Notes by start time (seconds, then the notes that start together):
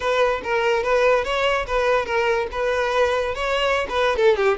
0.00 B4
0.43 A#4
0.83 B4
1.24 C#5
1.66 B4
2.05 A#4
2.51 B4
3.34 C#5
3.89 B4
4.16 A4
4.36 G4